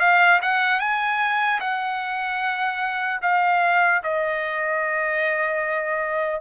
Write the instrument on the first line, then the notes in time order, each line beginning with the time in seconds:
trumpet
0.00 F5
0.42 F#5
0.80 G#5
1.60 F#5
3.22 F5
4.04 D#5